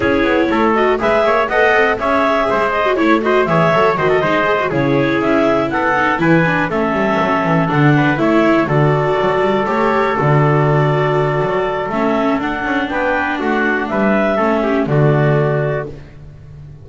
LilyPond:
<<
  \new Staff \with { instrumentName = "clarinet" } { \time 4/4 \tempo 4 = 121 cis''4. dis''8 e''4 fis''4 | e''4. dis''8 cis''8 dis''8 e''4 | dis''4. cis''4 e''4 fis''8~ | fis''8 gis''4 e''2 fis''8~ |
fis''8 e''4 d''2 cis''8~ | cis''8 d''2.~ d''8 | e''4 fis''4 g''4 fis''4 | e''2 d''2 | }
  \new Staff \with { instrumentName = "trumpet" } { \time 4/4 gis'4 a'4 b'8 cis''8 dis''4 | cis''4 c''4 cis''8 c''8 cis''4 | c''16 a'16 c''4 gis'2 a'8~ | a'8 b'4 a'2~ a'8 |
b'8 cis''4 a'2~ a'8~ | a'1~ | a'2 b'4 fis'4 | b'4 a'8 g'8 fis'2 | }
  \new Staff \with { instrumentName = "viola" } { \time 4/4 e'4. fis'8 gis'4 a'4 | gis'4.~ gis'16 fis'16 e'8 fis'8 gis'8 a'8 | fis'8 dis'8 gis'16 fis'16 e'2~ e'8 | dis'8 e'8 d'8 cis'2 d'8~ |
d'8 e'4 fis'2 g'8~ | g'8 fis'2.~ fis'8 | cis'4 d'2.~ | d'4 cis'4 a2 | }
  \new Staff \with { instrumentName = "double bass" } { \time 4/4 cis'8 b8 a4 gis8 ais8 b8 c'8 | cis'4 gis4 a4 e8 fis8 | dis8 gis4 cis4 cis'4 b8~ | b8 e4 a8 g8 fis8 e8 d8~ |
d8 a4 d4 fis8 g8 a8~ | a8 d2~ d8 fis4 | a4 d'8 cis'8 b4 a4 | g4 a4 d2 | }
>>